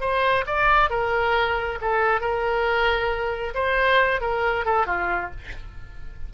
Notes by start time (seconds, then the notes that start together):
0.00 C5
0.46 D5
0.90 A#4
1.81 A4
2.21 A#4
3.54 C5
4.21 A#4
4.65 A4
4.86 F4